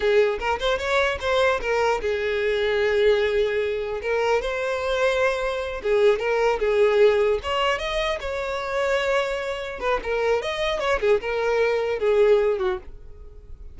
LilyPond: \new Staff \with { instrumentName = "violin" } { \time 4/4 \tempo 4 = 150 gis'4 ais'8 c''8 cis''4 c''4 | ais'4 gis'2.~ | gis'2 ais'4 c''4~ | c''2~ c''8 gis'4 ais'8~ |
ais'8 gis'2 cis''4 dis''8~ | dis''8 cis''2.~ cis''8~ | cis''8 b'8 ais'4 dis''4 cis''8 gis'8 | ais'2 gis'4. fis'8 | }